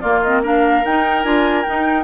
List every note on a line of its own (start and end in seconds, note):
0.00 0.83 A#3
0.00 0.24 A#3
0.00 0.42 F4
0.00 0.20 D5
0.22 0.43 C4
0.22 0.42 D#5
0.43 0.84 D4
0.43 2.03 A#4
0.43 0.85 F5
0.85 1.24 D#4
0.85 1.23 G5
1.23 1.64 D4
1.23 1.64 F4
1.23 1.63 G#5
1.63 2.03 D#4
1.63 2.03 G5